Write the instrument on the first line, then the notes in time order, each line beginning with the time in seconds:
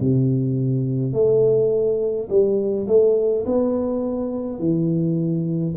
tuba
0.00 C3
1.13 A3
2.29 G3
2.87 A3
3.45 B3
4.58 E3